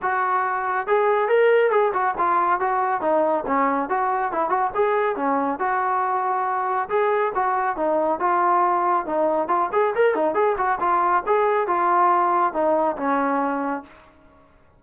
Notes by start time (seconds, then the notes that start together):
0.02 F#4
0.87 G#4
1.28 A#4
1.71 G#4
1.93 F#4
2.17 F4
2.59 F#4
3.01 D#4
3.46 C#4
3.89 F#4
4.31 E4
4.49 F#4
4.75 G#4
5.16 C#4
5.59 F#4
6.89 G#4
7.34 F#4
7.76 D#4
8.19 F4
9.06 D#4
9.47 F4
9.72 G#4
9.95 A#4
10.14 D#4
10.34 G#4
10.57 F#4
10.80 F4
11.26 G#4
11.67 F4
12.53 D#4
12.97 C#4